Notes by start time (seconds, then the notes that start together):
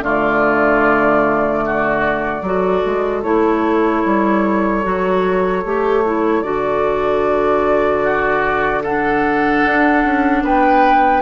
0.00 D3 A3 F4 D5
1.66 F#4
2.42 F#3 F#4 A4
2.85 G#3
3.23 A3 E4 C#5
4.05 G3
4.83 F#3 F#4
5.64 A3 G4
6.05 E4
6.43 D3 F#4 D5
8.03 F#4
8.83 D4 A4 F#5
9.65 D4
10.04 C#4
10.43 B3 B4 G5